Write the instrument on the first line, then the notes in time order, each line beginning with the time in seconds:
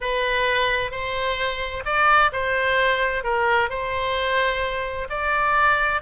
oboe
0.01 B4
0.91 C5
1.85 D5
2.32 C5
3.23 A#4
3.69 C5
5.09 D5